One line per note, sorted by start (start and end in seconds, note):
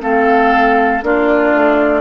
0.00 1.02 A3
0.00 1.01 C4
0.00 1.04 A4
0.00 1.03 F5
1.01 1.53 A#3
1.01 2.01 D4
1.01 2.01 F4
1.01 2.01 D5
1.54 2.01 A3